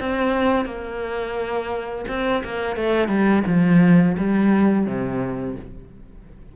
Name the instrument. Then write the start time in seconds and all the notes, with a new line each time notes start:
cello
0.00 C4
0.66 A#3
2.09 C4
2.45 A#3
2.76 A3
3.09 G3
3.47 F3
4.18 G3
4.86 C3